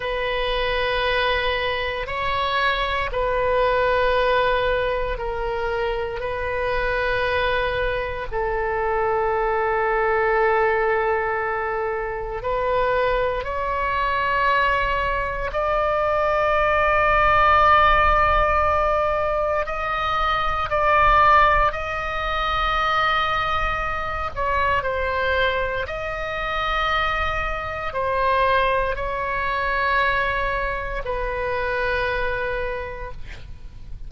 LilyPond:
\new Staff \with { instrumentName = "oboe" } { \time 4/4 \tempo 4 = 58 b'2 cis''4 b'4~ | b'4 ais'4 b'2 | a'1 | b'4 cis''2 d''4~ |
d''2. dis''4 | d''4 dis''2~ dis''8 cis''8 | c''4 dis''2 c''4 | cis''2 b'2 | }